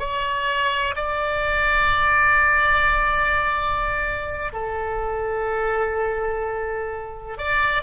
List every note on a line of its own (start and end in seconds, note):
0.00 0.95 C#5
0.97 4.53 D5
4.53 7.39 A4
7.39 7.83 D5